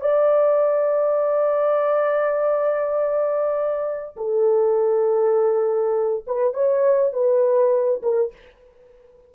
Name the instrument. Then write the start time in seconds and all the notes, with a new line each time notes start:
horn
0.00 D5
4.16 A4
6.26 B4
6.53 C#5
7.12 B4
8.02 A#4